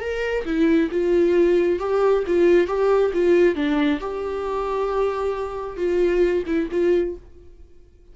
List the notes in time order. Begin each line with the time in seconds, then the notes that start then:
0.00 A#4
0.45 E4
0.91 F4
1.79 G4
2.26 F4
2.67 G4
3.13 F4
3.55 D4
4.00 G4
5.77 F4
6.46 E4
6.71 F4